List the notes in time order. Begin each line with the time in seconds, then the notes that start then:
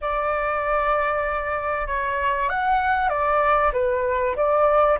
0.01 D5
1.87 C#5
2.49 F#5
3.09 D5
3.72 B4
4.36 D5